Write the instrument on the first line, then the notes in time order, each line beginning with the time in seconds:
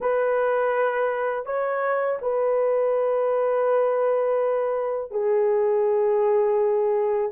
horn
0.00 B4
1.45 C#5
2.21 B4
5.11 G#4